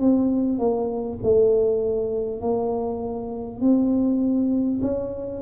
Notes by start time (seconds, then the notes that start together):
0.00 C4
0.59 A#3
1.23 A3
2.41 A#3
3.61 C4
4.82 C#4